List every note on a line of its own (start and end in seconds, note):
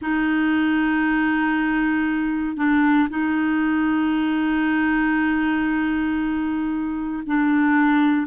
0.01 2.56 D#4
2.56 3.08 D4
3.09 7.23 D#4
7.26 8.26 D4